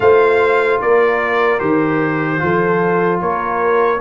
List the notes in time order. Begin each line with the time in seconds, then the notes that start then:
0.00 A3 F4 C5 F5
0.81 A#3 A#4 D5
1.58 D#3 G4 C5
2.38 F3 F4 A4
3.21 A#3 A#4 C#5